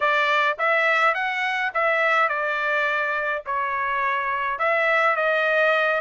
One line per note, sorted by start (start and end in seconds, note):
0.00 0.57 D5
0.58 1.14 E5
1.14 1.71 F#5
1.74 2.28 E5
2.28 3.43 D5
3.45 4.59 C#5
4.59 5.16 E5
5.16 6.01 D#5